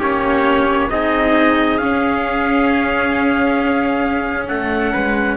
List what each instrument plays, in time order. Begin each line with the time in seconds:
0.00 cello A#3 C#4, trumpet G4 C#5
0.90 cello C4 D#4, trumpet G#4 D#5
1.78 cello C#4, trumpet F5
4.48 cello A3, trumpet A4 F#5
4.93 cello G#3, trumpet B4